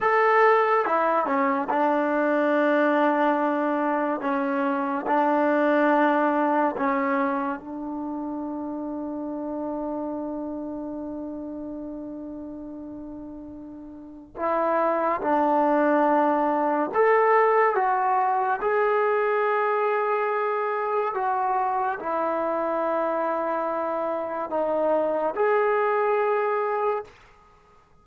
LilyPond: \new Staff \with { instrumentName = "trombone" } { \time 4/4 \tempo 4 = 71 a'4 e'8 cis'8 d'2~ | d'4 cis'4 d'2 | cis'4 d'2.~ | d'1~ |
d'4 e'4 d'2 | a'4 fis'4 gis'2~ | gis'4 fis'4 e'2~ | e'4 dis'4 gis'2 | }